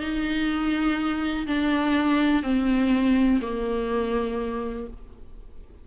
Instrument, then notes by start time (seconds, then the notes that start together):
viola
0.00 D#4
1.47 D4
2.43 C4
3.41 A#3